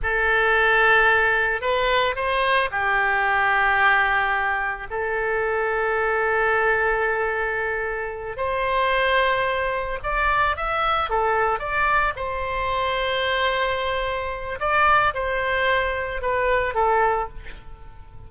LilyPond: \new Staff \with { instrumentName = "oboe" } { \time 4/4 \tempo 4 = 111 a'2. b'4 | c''4 g'2.~ | g'4 a'2.~ | a'2.~ a'8 c''8~ |
c''2~ c''8 d''4 e''8~ | e''8 a'4 d''4 c''4.~ | c''2. d''4 | c''2 b'4 a'4 | }